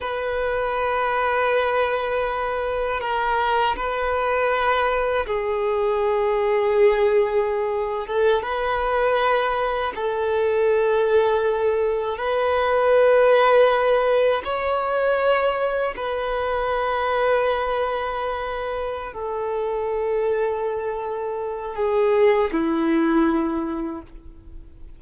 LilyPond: \new Staff \with { instrumentName = "violin" } { \time 4/4 \tempo 4 = 80 b'1 | ais'4 b'2 gis'4~ | gis'2~ gis'8. a'8 b'8.~ | b'4~ b'16 a'2~ a'8.~ |
a'16 b'2. cis''8.~ | cis''4~ cis''16 b'2~ b'8.~ | b'4. a'2~ a'8~ | a'4 gis'4 e'2 | }